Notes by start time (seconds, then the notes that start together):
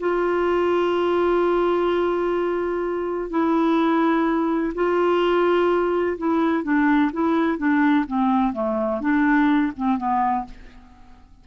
0.00 F4
3.30 E4
4.75 F4
6.18 E4
6.63 D4
7.13 E4
7.58 D4
8.07 C4
8.53 A3
9.01 D4
9.77 C4
9.97 B3